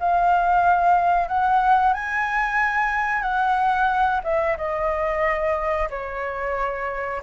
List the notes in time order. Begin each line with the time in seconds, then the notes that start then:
0.00 F5
1.29 F#5
1.94 G#5
3.22 F#5
4.24 E5
4.58 D#5
5.90 C#5